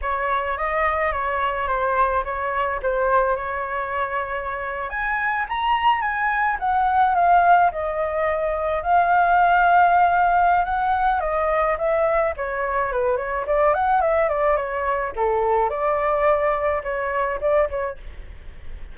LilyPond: \new Staff \with { instrumentName = "flute" } { \time 4/4 \tempo 4 = 107 cis''4 dis''4 cis''4 c''4 | cis''4 c''4 cis''2~ | cis''8. gis''4 ais''4 gis''4 fis''16~ | fis''8. f''4 dis''2 f''16~ |
f''2. fis''4 | dis''4 e''4 cis''4 b'8 cis''8 | d''8 fis''8 e''8 d''8 cis''4 a'4 | d''2 cis''4 d''8 cis''8 | }